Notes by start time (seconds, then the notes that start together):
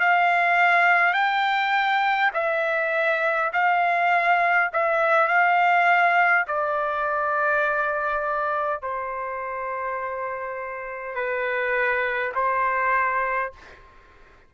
0.00 F5
1.14 G5
2.34 E5
3.53 F5
4.73 E5
5.28 F5
6.48 D5
8.82 C5
11.15 B4
12.35 C5